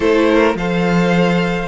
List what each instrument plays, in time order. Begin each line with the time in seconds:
0.00 cello A3, viola E4, violin A4 C5
0.29 violin A#4
0.54 cello F3, viola A4, violin C5 F5